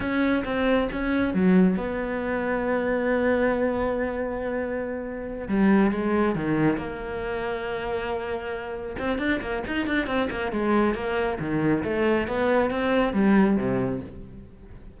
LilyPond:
\new Staff \with { instrumentName = "cello" } { \time 4/4 \tempo 4 = 137 cis'4 c'4 cis'4 fis4 | b1~ | b1~ | b8 g4 gis4 dis4 ais8~ |
ais1~ | ais8 c'8 d'8 ais8 dis'8 d'8 c'8 ais8 | gis4 ais4 dis4 a4 | b4 c'4 g4 c4 | }